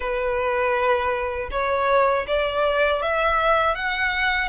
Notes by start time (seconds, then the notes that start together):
0.00 B4
1.51 C#5
2.27 D5
3.01 E5
3.75 F#5